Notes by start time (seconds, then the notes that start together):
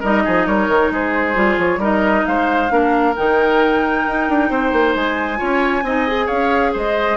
0.00 G3 D#4 A#4 D#5
0.24 F3 G#4
0.47 G3 A#4 C#5
0.68 D#3
0.91 G#3 G#4 C5
1.34 G3 F4
1.58 F3 C#5
1.78 G3 D#4 A#4 D#5
2.26 G#3 C5 F5
2.69 A#3 D4 A#4
3.16 D#3 D#4 G5
4.06 D#4
4.29 D4
4.50 C4 C5
4.72 A#3
4.95 G#3 G#5
5.37 C#4 F4 C#5
5.83 C4 D#4 D#5
6.08 G#4
6.26 C#4 C#5 F5
6.73 G#3 C5 D#5